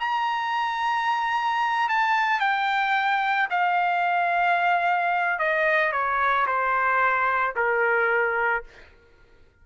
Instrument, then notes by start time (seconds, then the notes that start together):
trumpet
0.00 A#5
1.89 A5
2.40 G5
3.50 F5
5.39 D#5
5.93 C#5
6.47 C5
7.56 A#4